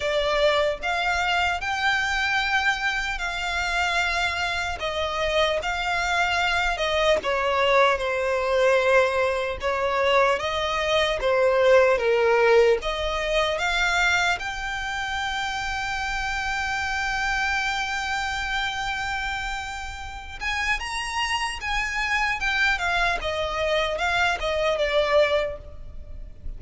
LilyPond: \new Staff \with { instrumentName = "violin" } { \time 4/4 \tempo 4 = 75 d''4 f''4 g''2 | f''2 dis''4 f''4~ | f''8 dis''8 cis''4 c''2 | cis''4 dis''4 c''4 ais'4 |
dis''4 f''4 g''2~ | g''1~ | g''4. gis''8 ais''4 gis''4 | g''8 f''8 dis''4 f''8 dis''8 d''4 | }